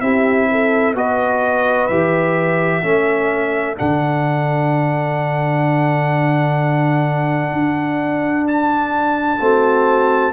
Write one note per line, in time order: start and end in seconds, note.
0.00 0.94 C4
0.00 0.95 E4
0.00 0.48 G4
0.00 0.94 E5
0.51 0.97 A4
0.94 1.88 B3
0.94 1.89 F#4
0.94 2.84 B4
0.94 1.87 D#5
1.87 2.83 E3
1.87 2.82 G4
1.87 3.74 E5
2.82 3.77 A3
2.82 3.75 C#4
2.82 9.40 A4
3.75 7.52 D3
3.75 9.38 D4
3.75 8.47 F#5
7.52 9.39 D4
8.47 10.32 A5
9.39 10.32 A3
9.39 10.32 C4
9.39 10.32 F#4